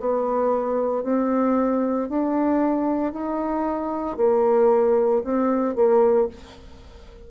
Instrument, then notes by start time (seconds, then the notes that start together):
bassoon
0.00 B3
1.04 C4
2.09 D4
3.13 D#4
4.17 A#3
5.24 C4
5.76 A#3